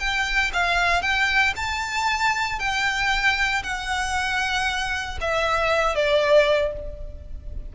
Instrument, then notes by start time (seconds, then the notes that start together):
violin
0.00 G5
0.54 F5
1.02 G5
1.56 A5
2.60 G5
3.64 F#5
5.21 E5
5.96 D5